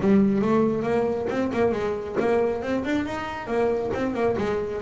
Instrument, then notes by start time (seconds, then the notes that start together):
double bass
0.00 G3
0.41 A3
0.82 A#3
1.29 C4
1.53 A#3
1.72 G#3
2.19 A#3
2.62 C4
2.84 D4
3.05 D#4
3.47 A#3
3.93 C4
4.14 A#3
4.37 G#3